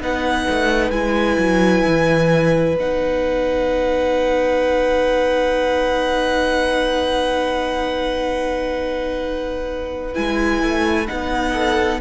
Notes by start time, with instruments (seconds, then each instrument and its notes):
0.00 cello B3, viola D#4, violin B4 F#5
0.49 cello A3
0.91 cello G#3, viola E4, violin G#5
1.38 cello F#3
1.87 cello E3
2.76 cello B3, viola D#4, violin F#5
10.14 cello G#3, viola E4, violin G#5
10.63 cello A3
11.07 cello B3, viola D#4, violin F#5
11.52 violin A4